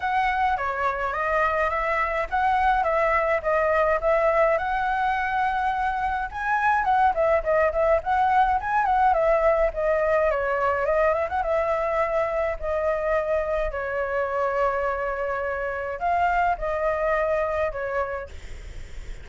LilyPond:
\new Staff \with { instrumentName = "flute" } { \time 4/4 \tempo 4 = 105 fis''4 cis''4 dis''4 e''4 | fis''4 e''4 dis''4 e''4 | fis''2. gis''4 | fis''8 e''8 dis''8 e''8 fis''4 gis''8 fis''8 |
e''4 dis''4 cis''4 dis''8 e''16 fis''16 | e''2 dis''2 | cis''1 | f''4 dis''2 cis''4 | }